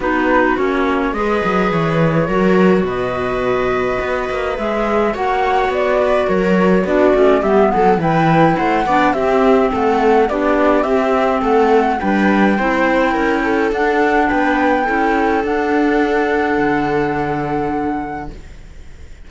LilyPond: <<
  \new Staff \with { instrumentName = "flute" } { \time 4/4 \tempo 4 = 105 b'4 cis''4 dis''4 cis''4~ | cis''4 dis''2. | e''4 fis''4 d''4 cis''4 | d''4 e''8 fis''8 g''4 fis''4 |
e''4 fis''4 d''4 e''4 | fis''4 g''2. | fis''4 g''2 fis''4~ | fis''1 | }
  \new Staff \with { instrumentName = "viola" } { \time 4/4 fis'2 b'2 | ais'4 b'2.~ | b'4 cis''4. b'8 ais'4 | fis'4 g'8 a'8 b'4 c''8 d''8 |
g'4 a'4 g'2 | a'4 b'4 c''4 ais'8 a'8~ | a'4 b'4 a'2~ | a'1 | }
  \new Staff \with { instrumentName = "clarinet" } { \time 4/4 dis'4 cis'4 gis'2 | fis'1 | gis'4 fis'2. | d'8 cis'8 b4 e'4. d'8 |
c'2 d'4 c'4~ | c'4 d'4 e'2 | d'2 e'4 d'4~ | d'1 | }
  \new Staff \with { instrumentName = "cello" } { \time 4/4 b4 ais4 gis8 fis8 e4 | fis4 b,2 b8 ais8 | gis4 ais4 b4 fis4 | b8 a8 g8 fis8 e4 a8 b8 |
c'4 a4 b4 c'4 | a4 g4 c'4 cis'4 | d'4 b4 cis'4 d'4~ | d'4 d2. | }
>>